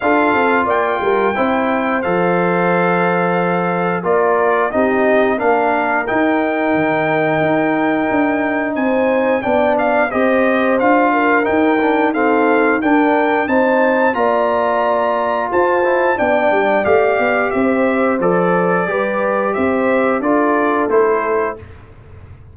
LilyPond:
<<
  \new Staff \with { instrumentName = "trumpet" } { \time 4/4 \tempo 4 = 89 f''4 g''2 f''4~ | f''2 d''4 dis''4 | f''4 g''2.~ | g''4 gis''4 g''8 f''8 dis''4 |
f''4 g''4 f''4 g''4 | a''4 ais''2 a''4 | g''4 f''4 e''4 d''4~ | d''4 e''4 d''4 c''4 | }
  \new Staff \with { instrumentName = "horn" } { \time 4/4 a'4 d''8 ais'8 c''2~ | c''2 ais'4 g'4 | ais'1~ | ais'4 c''4 d''4 c''4~ |
c''8 ais'4. a'4 ais'4 | c''4 d''2 c''4 | d''2 c''2 | b'4 c''4 a'2 | }
  \new Staff \with { instrumentName = "trombone" } { \time 4/4 f'2 e'4 a'4~ | a'2 f'4 dis'4 | d'4 dis'2.~ | dis'2 d'4 g'4 |
f'4 dis'8 d'8 c'4 d'4 | dis'4 f'2~ f'8 e'8 | d'4 g'2 a'4 | g'2 f'4 e'4 | }
  \new Staff \with { instrumentName = "tuba" } { \time 4/4 d'8 c'8 ais8 g8 c'4 f4~ | f2 ais4 c'4 | ais4 dis'4 dis4 dis'4 | d'4 c'4 b4 c'4 |
d'4 dis'2 d'4 | c'4 ais2 f'4 | b8 g8 a8 b8 c'4 f4 | g4 c'4 d'4 a4 | }
>>